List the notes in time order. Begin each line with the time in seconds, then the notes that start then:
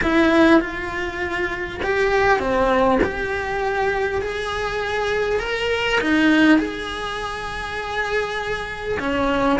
0.02 E4
0.60 F4
1.83 G4
2.39 C4
3.03 G4
4.21 G#4
5.39 A#4
6.00 D#4
6.58 G#4
8.99 C#4